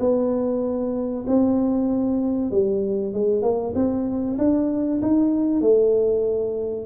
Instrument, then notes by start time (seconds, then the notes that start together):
tuba
0.00 B3
1.27 C4
2.51 G3
3.13 G#3
3.42 A#3
3.75 C4
4.38 D4
5.02 D#4
5.61 A3